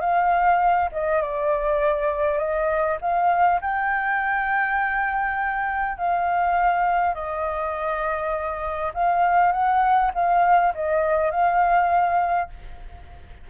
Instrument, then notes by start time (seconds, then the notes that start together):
flute
0.00 F5
0.92 D#5
1.22 D5
2.38 D#5
3.01 F5
3.61 G5
5.98 F5
7.14 D#5
8.94 F5
9.52 F#5
10.14 F5
10.74 D#5
11.31 F5